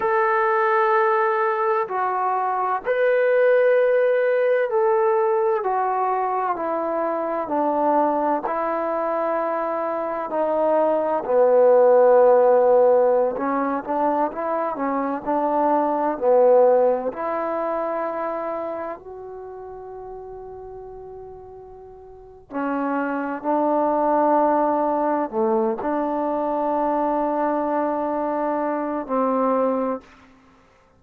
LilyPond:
\new Staff \with { instrumentName = "trombone" } { \time 4/4 \tempo 4 = 64 a'2 fis'4 b'4~ | b'4 a'4 fis'4 e'4 | d'4 e'2 dis'4 | b2~ b16 cis'8 d'8 e'8 cis'16~ |
cis'16 d'4 b4 e'4.~ e'16~ | e'16 fis'2.~ fis'8. | cis'4 d'2 a8 d'8~ | d'2. c'4 | }